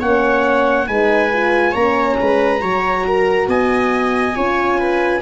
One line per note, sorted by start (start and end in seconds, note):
0.00 0.88 A#3
0.00 0.87 C#4
0.00 0.87 C#5
0.00 0.88 F#5
0.87 1.74 G#3
0.87 1.31 D#4
0.87 1.72 B4
0.87 1.75 G#5
1.33 1.75 F4
1.72 2.18 A#3
1.72 2.60 C#4
1.72 2.15 C#5
1.72 3.49 A#5
2.21 2.63 G#3
2.21 2.61 B4
2.60 3.47 F#3
2.60 4.34 F#4
2.60 3.05 C#5
3.07 3.49 A#4
3.47 4.34 B3
3.47 4.36 D#5
3.47 5.22 G#5
4.36 5.22 C#4
4.36 5.22 F4
4.36 4.79 C#5
4.79 5.22 B4